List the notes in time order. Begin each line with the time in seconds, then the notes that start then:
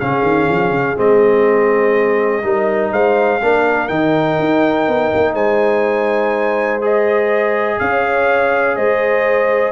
0.00 C#3 C#4 G#4 F5
0.23 D#3
0.50 F3
0.71 C#3
0.97 G#3 C4 D#5
2.43 G3 D#4 A#4
2.92 G#3 C5 F5
3.42 A#3 D4 A#4
3.88 D#3 D#4 G5
4.40 D#4
4.88 B3
5.15 A#3
5.34 G#3 C5 G#5
6.82 G#4 D#5
7.79 C#4 C#5 F5
8.76 G#3 C5 D#5